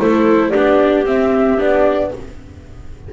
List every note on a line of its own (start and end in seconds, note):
0.00 0.53 A3
0.00 0.53 E4
0.00 0.49 A4
0.00 0.50 C5
0.49 1.06 D4
0.49 2.09 G4
0.49 1.03 D5
0.56 1.05 B3
1.05 1.58 C4
1.05 1.60 E5
1.58 2.12 B3
1.58 2.11 D4
1.58 2.13 D5